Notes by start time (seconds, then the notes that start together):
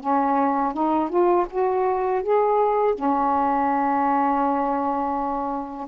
0.00 C#4
0.73 D#4
1.09 F4
1.50 F#4
2.23 G#4
2.94 C#4